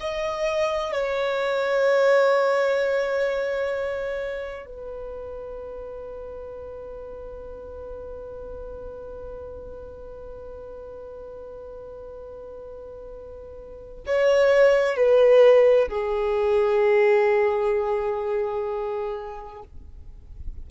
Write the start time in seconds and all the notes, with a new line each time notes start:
0.00 D#5
0.92 C#5
4.66 B4
14.07 C#5
14.96 B4
15.88 G#4